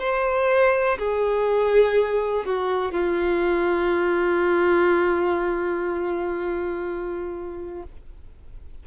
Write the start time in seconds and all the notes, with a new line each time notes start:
0.00 C5
0.99 G#4
2.46 F#4
2.92 F4